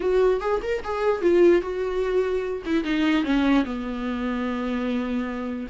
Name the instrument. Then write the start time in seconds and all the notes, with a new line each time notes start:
viola
0.00 F#4
0.40 G#4
0.62 A#4
0.84 G#4
1.21 F4
1.61 F#4
2.65 E4
2.84 D#4
3.24 C#4
3.64 B3